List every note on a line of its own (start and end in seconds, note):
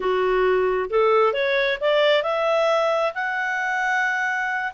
0.00 0.89 F#4
0.89 1.33 A4
1.33 1.78 C#5
1.80 2.22 D5
2.22 3.13 E5
3.14 4.72 F#5